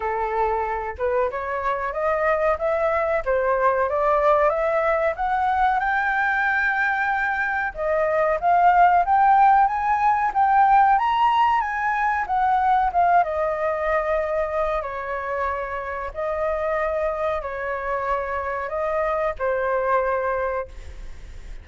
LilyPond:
\new Staff \with { instrumentName = "flute" } { \time 4/4 \tempo 4 = 93 a'4. b'8 cis''4 dis''4 | e''4 c''4 d''4 e''4 | fis''4 g''2. | dis''4 f''4 g''4 gis''4 |
g''4 ais''4 gis''4 fis''4 | f''8 dis''2~ dis''8 cis''4~ | cis''4 dis''2 cis''4~ | cis''4 dis''4 c''2 | }